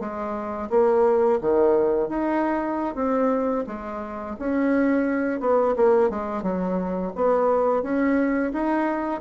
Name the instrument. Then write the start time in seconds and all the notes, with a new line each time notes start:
bassoon
0.00 G#3
0.70 A#3
1.41 D#3
2.09 D#4
2.96 C4
3.67 G#3
4.39 C#4
5.40 B3
5.77 A#3
6.10 G#3
6.43 F#3
7.16 B3
7.83 C#4
8.53 D#4